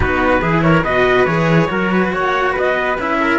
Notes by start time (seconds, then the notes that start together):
0.00 B3 D#4 F#4 B4
0.41 E3 E4 G#4
0.61 A#4 C#5
0.83 B2 F#4 B4 D#5
1.25 E3 G#4 C#5
1.68 F#3 F#4 A#4
1.92 B4
2.12 A#3 C#5 F#5
2.52 B4 D#5
2.59 B3
2.98 C#4 E4 E5
3.20 A#4